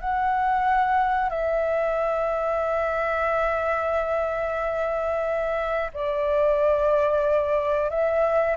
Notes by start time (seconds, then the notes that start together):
0.00 F#5
1.29 E5
5.93 D5
7.90 E5